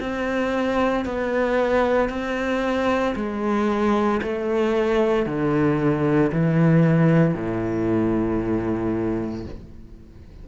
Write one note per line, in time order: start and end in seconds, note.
0.00 1.05 C4
1.05 2.09 B3
2.09 3.14 C4
3.16 4.21 G#3
4.22 5.26 A3
5.26 6.31 D3
6.32 7.34 E3
7.34 9.45 A2